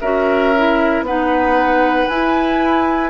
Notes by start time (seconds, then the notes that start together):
0.00 C#4 F#4 A#4 E5
0.56 E4
1.01 B3 D#4 B4 F#5
2.08 E4 G#5